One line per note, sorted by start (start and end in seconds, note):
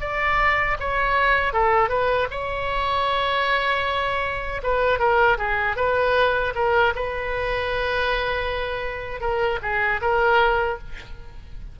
0.00 0.77 D5
0.80 1.53 C#5
1.53 1.89 A4
1.89 2.27 B4
2.31 4.62 C#5
4.63 4.99 B4
4.99 5.37 A#4
5.38 5.76 G#4
5.76 6.53 B4
6.55 6.93 A#4
6.95 9.21 B4
9.21 9.59 A#4
9.62 10.00 G#4
10.01 10.78 A#4